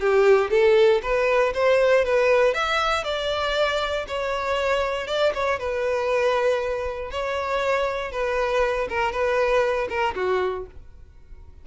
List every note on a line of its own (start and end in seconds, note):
0.00 0.50 G4
0.50 1.01 A4
1.02 1.53 B4
1.54 2.05 C5
2.05 2.54 B4
2.54 3.04 E5
3.04 4.06 D5
4.07 5.07 C#5
5.07 5.32 D5
5.34 5.59 C#5
5.59 7.10 B4
7.10 8.11 C#5
8.11 8.88 B4
8.89 9.12 A#4
9.12 9.88 B4
9.89 10.14 A#4
10.15 10.66 F#4